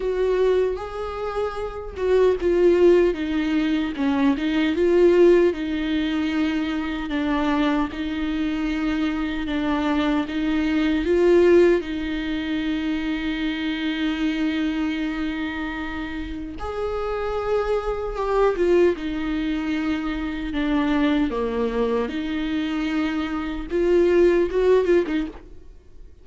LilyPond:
\new Staff \with { instrumentName = "viola" } { \time 4/4 \tempo 4 = 76 fis'4 gis'4. fis'8 f'4 | dis'4 cis'8 dis'8 f'4 dis'4~ | dis'4 d'4 dis'2 | d'4 dis'4 f'4 dis'4~ |
dis'1~ | dis'4 gis'2 g'8 f'8 | dis'2 d'4 ais4 | dis'2 f'4 fis'8 f'16 dis'16 | }